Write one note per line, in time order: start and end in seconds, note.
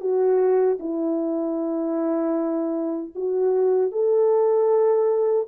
0.00 0.78 F#4
0.79 3.13 E4
3.15 3.91 F#4
3.91 5.47 A4